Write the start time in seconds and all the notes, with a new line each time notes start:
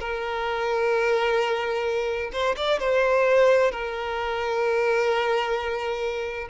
0.00 A#4
2.32 C5
2.56 D5
2.79 C5
3.71 A#4